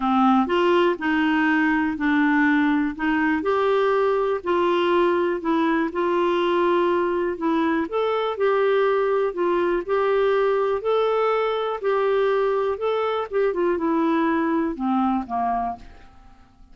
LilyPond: \new Staff \with { instrumentName = "clarinet" } { \time 4/4 \tempo 4 = 122 c'4 f'4 dis'2 | d'2 dis'4 g'4~ | g'4 f'2 e'4 | f'2. e'4 |
a'4 g'2 f'4 | g'2 a'2 | g'2 a'4 g'8 f'8 | e'2 c'4 ais4 | }